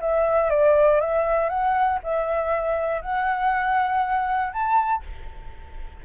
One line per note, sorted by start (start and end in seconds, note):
0.00 0.50 E5
0.50 1.00 D5
1.00 1.49 E5
1.49 1.99 F#5
2.03 3.01 E5
3.01 4.52 F#5
4.52 5.03 A5